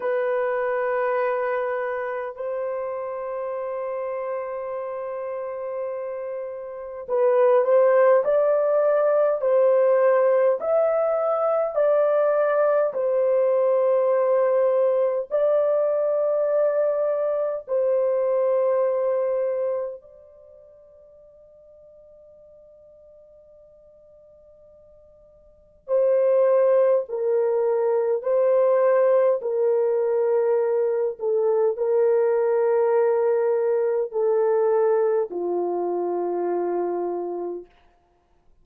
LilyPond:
\new Staff \with { instrumentName = "horn" } { \time 4/4 \tempo 4 = 51 b'2 c''2~ | c''2 b'8 c''8 d''4 | c''4 e''4 d''4 c''4~ | c''4 d''2 c''4~ |
c''4 d''2.~ | d''2 c''4 ais'4 | c''4 ais'4. a'8 ais'4~ | ais'4 a'4 f'2 | }